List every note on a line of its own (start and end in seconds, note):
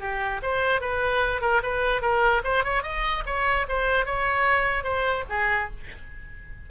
0.00 0.41 G4
0.42 0.81 C5
0.81 1.41 B4
1.41 1.61 A#4
1.63 2.02 B4
2.02 2.42 A#4
2.44 2.64 C5
2.64 2.83 C#5
2.83 3.23 D#5
3.26 3.66 C#5
3.68 4.05 C5
4.05 4.83 C#5
4.83 5.24 C5
5.29 5.70 G#4